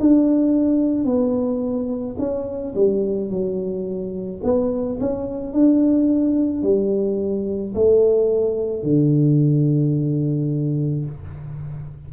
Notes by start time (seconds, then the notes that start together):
0.00 D4
1.05 B3
2.19 C#4
2.75 G3
3.30 F#3
4.43 B3
5.01 C#4
5.53 D4
6.63 G3
7.75 A3
8.83 D3